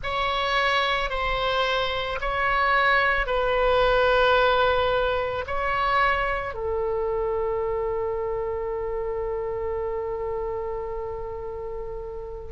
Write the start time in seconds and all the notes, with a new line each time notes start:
0.03 C#5
1.10 C5
2.20 C#5
3.26 B4
5.46 C#5
6.54 A4